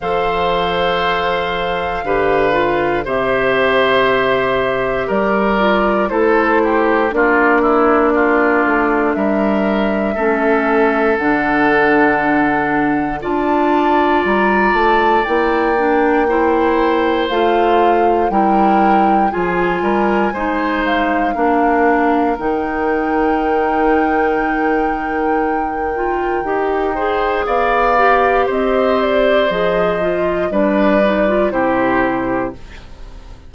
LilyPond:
<<
  \new Staff \with { instrumentName = "flute" } { \time 4/4 \tempo 4 = 59 f''2. e''4~ | e''4 d''4 c''4 d''4~ | d''4 e''2 fis''4~ | fis''4 a''4 ais''8 a''8 g''4~ |
g''4 f''4 g''4 gis''4~ | gis''8 f''4. g''2~ | g''2. f''4 | dis''8 d''8 dis''4 d''4 c''4 | }
  \new Staff \with { instrumentName = "oboe" } { \time 4/4 c''2 b'4 c''4~ | c''4 ais'4 a'8 g'8 f'8 e'8 | f'4 ais'4 a'2~ | a'4 d''2. |
c''2 ais'4 gis'8 ais'8 | c''4 ais'2.~ | ais'2~ ais'8 c''8 d''4 | c''2 b'4 g'4 | }
  \new Staff \with { instrumentName = "clarinet" } { \time 4/4 a'2 g'8 f'8 g'4~ | g'4. f'8 e'4 d'4~ | d'2 cis'4 d'4~ | d'4 f'2 e'8 d'8 |
e'4 f'4 e'4 f'4 | dis'4 d'4 dis'2~ | dis'4. f'8 g'8 gis'4 g'8~ | g'4 gis'8 f'8 d'8 dis'16 f'16 e'4 | }
  \new Staff \with { instrumentName = "bassoon" } { \time 4/4 f2 d4 c4~ | c4 g4 a4 ais4~ | ais8 a8 g4 a4 d4~ | d4 d'4 g8 a8 ais4~ |
ais4 a4 g4 f8 g8 | gis4 ais4 dis2~ | dis2 dis'4 b4 | c'4 f4 g4 c4 | }
>>